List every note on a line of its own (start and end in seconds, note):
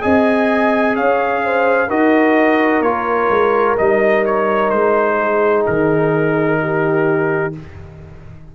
0.00 0.96 C4
0.00 1.88 G#4
0.00 0.96 D#5
0.00 0.96 G#5
0.96 1.89 C#4
0.96 1.43 C#5
0.96 1.90 F5
1.44 1.87 C5
1.87 2.81 D#4
1.87 2.83 F#4
1.87 5.15 A#4
1.87 2.82 D#5
2.81 3.28 A#3
2.81 3.77 F4
2.81 3.75 C#5
3.29 3.76 G#3
3.78 4.71 G3
3.78 7.53 D#4
3.78 4.24 D#5
4.25 4.69 C#5
4.69 5.65 G#3
4.69 5.63 C5
5.19 6.60 G#4
5.66 7.55 D#3
5.66 7.54 A#4
6.61 7.54 G4